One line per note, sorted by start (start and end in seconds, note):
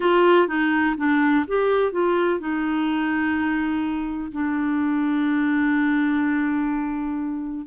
0.00 0.47 F4
0.47 0.95 D#4
0.97 1.45 D4
1.47 1.92 G4
1.92 2.39 F4
2.39 4.31 D#4
4.32 7.66 D4